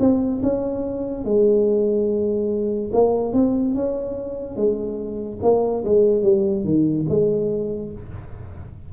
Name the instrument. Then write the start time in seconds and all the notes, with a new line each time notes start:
tuba
0.00 C4
0.42 C#4
1.25 G#3
2.93 A#3
3.33 C4
3.75 C#4
4.56 G#3
5.42 A#3
5.84 G#3
6.23 G3
6.64 D#3
7.09 G#3